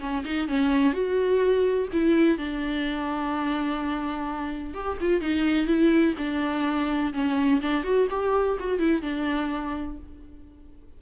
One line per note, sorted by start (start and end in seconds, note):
0.00 0.24 C#4
0.24 0.48 D#4
0.48 0.93 C#4
0.93 1.88 F#4
1.93 2.38 E4
2.38 4.74 D4
4.74 4.98 G4
5.00 5.21 F4
5.21 5.67 D#4
5.67 6.14 E4
6.18 7.13 D4
7.13 7.61 C#4
7.61 7.84 D4
7.84 8.08 F#4
8.10 8.58 G4
8.60 8.79 F#4
8.79 9.02 E4
9.02 9.97 D4